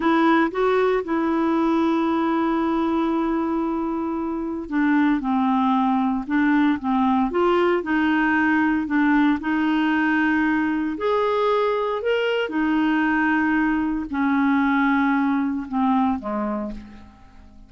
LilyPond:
\new Staff \with { instrumentName = "clarinet" } { \time 4/4 \tempo 4 = 115 e'4 fis'4 e'2~ | e'1~ | e'4 d'4 c'2 | d'4 c'4 f'4 dis'4~ |
dis'4 d'4 dis'2~ | dis'4 gis'2 ais'4 | dis'2. cis'4~ | cis'2 c'4 gis4 | }